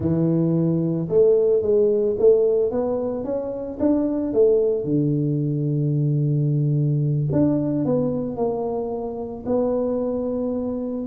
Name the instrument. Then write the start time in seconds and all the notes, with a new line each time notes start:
tuba
0.00 E3
1.08 A3
1.61 G#3
2.18 A3
2.71 B3
3.24 C#4
3.79 D4
4.33 A3
4.84 D3
7.31 D4
7.85 B3
8.36 A#3
9.46 B3